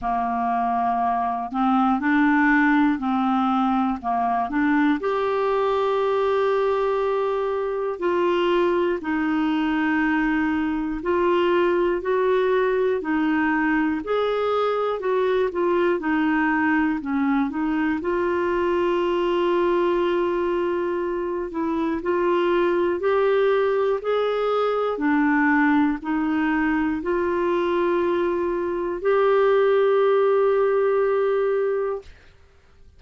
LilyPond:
\new Staff \with { instrumentName = "clarinet" } { \time 4/4 \tempo 4 = 60 ais4. c'8 d'4 c'4 | ais8 d'8 g'2. | f'4 dis'2 f'4 | fis'4 dis'4 gis'4 fis'8 f'8 |
dis'4 cis'8 dis'8 f'2~ | f'4. e'8 f'4 g'4 | gis'4 d'4 dis'4 f'4~ | f'4 g'2. | }